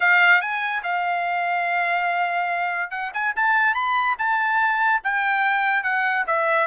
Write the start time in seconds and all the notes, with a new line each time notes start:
0.00 F5
0.41 G#5
0.83 F5
2.91 F#5
3.13 G#5
3.36 A5
3.74 B5
4.18 A5
5.03 G5
5.83 F#5
6.26 E5